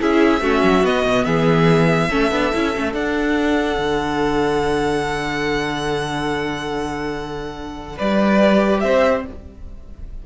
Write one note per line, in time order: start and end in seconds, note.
0.00 0.41 C#4
0.00 0.42 E4
0.00 0.43 G#4
0.00 0.86 E5
0.41 0.62 A3
0.41 0.84 C#4
0.41 1.26 F#4
0.63 0.83 F#3
0.83 1.04 B3
0.83 2.11 B3
0.83 1.25 D#5
1.05 1.26 B2
1.25 2.10 E3
1.25 2.09 G#4
1.25 2.93 E5
2.09 2.31 A3
2.09 2.32 C#4
2.09 7.96 A4
2.31 2.52 B3
2.31 2.53 D4
2.53 2.76 C#4
2.53 2.74 E4
2.75 2.94 A3
2.75 2.94 C#4
2.94 3.78 D4
2.94 8.38 D4
2.94 7.98 F#5
3.78 7.98 D3
7.97 8.84 G3
7.97 8.80 B4
7.97 8.80 D5
8.38 9.22 G4
8.80 9.26 C4
8.80 9.26 C5
8.80 9.22 E5